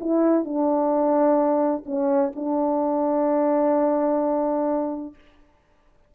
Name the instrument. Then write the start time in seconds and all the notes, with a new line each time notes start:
horn
0.00 E4
0.44 D4
1.85 C#4
2.35 D4